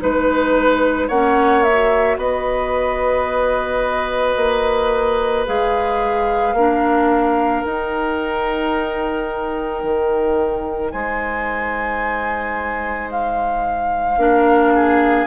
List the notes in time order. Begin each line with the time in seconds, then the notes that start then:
0.00 G#3 D#4 B4
1.08 A#3 C#4 C#5 F#5
1.63 F#4 E5
2.17 B3 B4 D#5
4.37 A#3
5.47 G#3 G#4 F5
6.54 A#3 D4 A#4
7.65 D#4 G5
9.84 D#3
10.91 G#3 C5 G#5
13.12 F5
14.18 A#3 D4 A#4
14.75 G#4